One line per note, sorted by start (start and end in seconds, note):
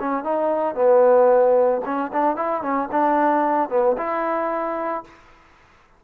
0.00 0.24 C#4
0.24 0.76 D#4
0.76 1.82 B3
1.86 2.12 C#4
2.13 2.37 D4
2.37 2.63 E4
2.63 2.89 C#4
2.92 3.70 D4
3.70 3.97 B3
3.98 5.04 E4